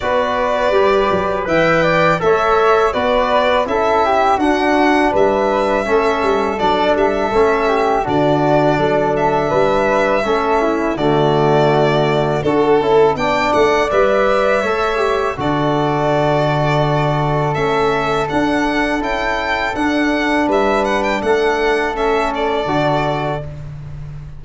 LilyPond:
<<
  \new Staff \with { instrumentName = "violin" } { \time 4/4 \tempo 4 = 82 d''2 g''4 e''4 | d''4 e''4 fis''4 e''4~ | e''4 d''8 e''4. d''4~ | d''8 e''2~ e''8 d''4~ |
d''4 a'4 g''8 fis''8 e''4~ | e''4 d''2. | e''4 fis''4 g''4 fis''4 | e''8 fis''16 g''16 fis''4 e''8 d''4. | }
  \new Staff \with { instrumentName = "flute" } { \time 4/4 b'2 e''8 d''8 cis''4 | b'4 a'8 g'8 fis'4 b'4 | a'2~ a'8 g'8 fis'4 | a'4 b'4 a'8 e'8 fis'4~ |
fis'4 a'4 d''2 | cis''4 a'2.~ | a'1 | b'4 a'2. | }
  \new Staff \with { instrumentName = "trombone" } { \time 4/4 fis'4 g'4 b'4 a'4 | fis'4 e'4 d'2 | cis'4 d'4 cis'4 d'4~ | d'2 cis'4 a4~ |
a4 fis'8 e'8 d'4 b'4 | a'8 g'8 fis'2. | cis'4 d'4 e'4 d'4~ | d'2 cis'4 fis'4 | }
  \new Staff \with { instrumentName = "tuba" } { \time 4/4 b4 g8 fis8 e4 a4 | b4 cis'4 d'4 g4 | a8 g8 fis8 g8 a4 d4 | fis4 g4 a4 d4~ |
d4 d'8 cis'8 b8 a8 g4 | a4 d2. | a4 d'4 cis'4 d'4 | g4 a2 d4 | }
>>